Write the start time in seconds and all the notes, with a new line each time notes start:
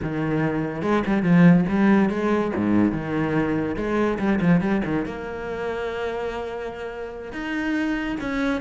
0.02 D#3
0.82 G#3
1.06 G3
1.22 F3
1.68 G3
2.09 G#3
2.56 G#2
2.92 D#3
3.76 G#3
4.18 G3
4.40 F3
4.61 G3
4.84 D#3
5.05 A#3
7.32 D#4
8.20 C#4